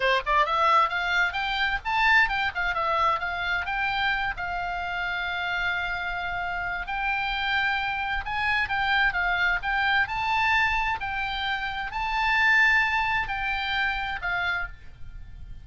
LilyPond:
\new Staff \with { instrumentName = "oboe" } { \time 4/4 \tempo 4 = 131 c''8 d''8 e''4 f''4 g''4 | a''4 g''8 f''8 e''4 f''4 | g''4. f''2~ f''8~ | f''2. g''4~ |
g''2 gis''4 g''4 | f''4 g''4 a''2 | g''2 a''2~ | a''4 g''2 f''4 | }